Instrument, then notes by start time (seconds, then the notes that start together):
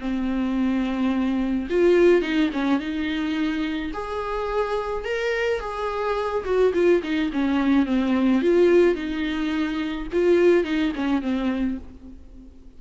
viola
0.00 C4
1.70 F4
2.22 D#4
2.53 C#4
2.80 D#4
3.94 G#4
5.05 A#4
5.60 G#4
6.45 F#4
6.74 F4
7.03 D#4
7.33 C#4
7.86 C4
8.42 F4
8.95 D#4
10.12 F4
10.64 D#4
10.95 C#4
11.22 C4